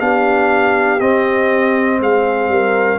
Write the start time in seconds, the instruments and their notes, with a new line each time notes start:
0.00 tuba B3, trombone D4, horn G4, trumpet F5
1.01 tuba C4, trombone C4, trumpet D#5
2.00 tuba G#3, horn G#4, trumpet F5
2.49 tuba G3, horn A#4